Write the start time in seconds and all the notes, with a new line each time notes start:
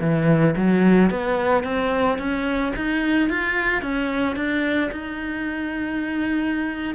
0.00 E3
0.56 F#3
1.10 B3
1.64 C4
2.18 C#4
2.76 D#4
3.30 F4
3.82 C#4
4.36 D4
4.91 D#4